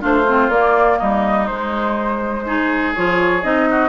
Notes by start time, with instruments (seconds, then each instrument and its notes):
0.00 bassoon A3, clarinet D4, oboe F4, flute C5
0.27 clarinet C4
0.49 bassoon A#3, clarinet A#3, flute D5
0.98 bassoon G3, oboe D#4, flute D#5
1.47 clarinet G#3, bassoon G#3, flute C5
2.46 clarinet D#4, oboe G#4
2.95 bassoon F3, clarinet F4, flute C#5
3.42 bassoon C4, clarinet D#4, flute D#5
3.70 oboe F#4